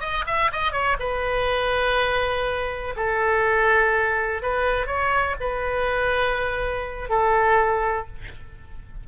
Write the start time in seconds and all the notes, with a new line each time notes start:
0.00 D#5
0.26 E5
0.52 D#5
0.72 C#5
0.99 B4
2.96 A4
4.42 B4
4.86 C#5
5.40 B4
7.09 A4